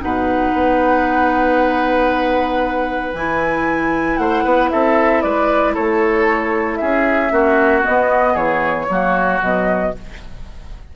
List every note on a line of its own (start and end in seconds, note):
0.00 0.53 B2
0.00 3.13 D#4
0.00 4.20 B4
0.00 3.14 F#5
0.53 3.13 B3
3.13 4.18 E3
3.13 7.30 E4
3.13 4.17 G#5
4.17 4.44 A3
4.17 4.44 C5
4.17 4.69 F#5
4.44 4.71 B3
4.44 4.70 B4
4.70 5.24 C4
4.70 5.23 A4
4.70 5.22 E5
5.22 5.76 G#3
5.22 5.74 B4
5.22 5.74 D5
5.74 6.81 A3
5.74 6.78 A4
5.74 6.76 C#5
6.76 7.32 C#4
6.76 7.32 G#4
6.76 7.80 E5
7.30 7.84 A#3
7.30 7.82 C#4
7.30 8.33 F#4
7.82 8.86 B3
7.82 8.36 B3
7.82 8.36 D#5
8.33 8.88 E3
8.33 8.86 G#4
8.33 9.40 C#5
8.89 9.41 F#3
8.89 9.40 A#3
8.89 9.96 F#4
9.40 9.93 B2
9.40 9.93 F#3
9.40 9.95 D#5